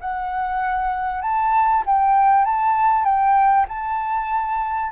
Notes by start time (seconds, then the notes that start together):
0.00 F#5
1.21 A5
1.86 G5
2.44 A5
3.04 G5
3.68 A5